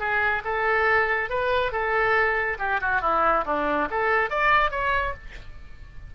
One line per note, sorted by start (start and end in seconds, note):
0.00 0.43 G#4
0.45 1.30 A4
1.30 1.72 B4
1.72 2.58 A4
2.59 2.81 G4
2.81 3.02 F#4
3.02 3.45 E4
3.46 3.89 D4
3.91 4.30 A4
4.30 4.71 D5
4.71 5.14 C#5